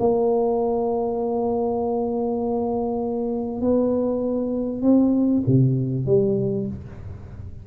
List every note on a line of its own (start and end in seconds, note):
0.00 3.62 A#3
3.62 4.82 B3
4.82 5.43 C4
5.47 6.07 C3
6.07 6.67 G3